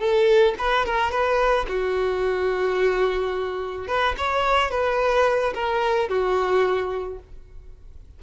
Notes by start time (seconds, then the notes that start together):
0.00 A4
0.59 B4
0.86 A#4
1.12 B4
1.69 F#4
3.88 B4
4.18 C#5
4.71 B4
5.55 A#4
6.09 F#4